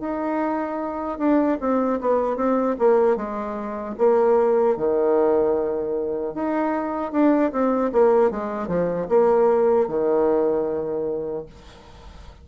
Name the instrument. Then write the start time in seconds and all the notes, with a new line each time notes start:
bassoon
0.00 D#4
1.18 D4
1.60 C4
2.01 B3
2.37 C4
2.79 A#3
3.17 G#3
3.98 A#3
4.77 D#3
6.34 D#4
7.12 D4
7.52 C4
7.93 A#3
8.31 G#3
8.68 F3
9.09 A#3
9.88 D#3